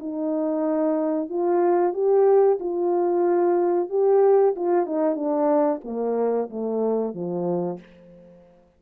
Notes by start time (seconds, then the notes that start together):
0.00 D#4
1.30 F4
1.94 G4
2.60 F4
3.90 G4
4.56 F4
4.87 D#4
5.16 D4
5.85 A#3
6.50 A3
7.14 F3